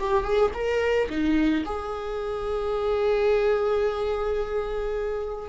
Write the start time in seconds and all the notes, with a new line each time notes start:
0.00 G4
0.24 G#4
0.54 A#4
1.10 D#4
1.65 G#4